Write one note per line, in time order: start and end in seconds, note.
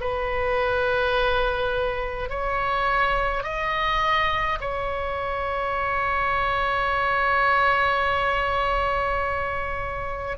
0.00 2.30 B4
2.30 3.44 C#5
3.44 4.59 D#5
4.60 10.37 C#5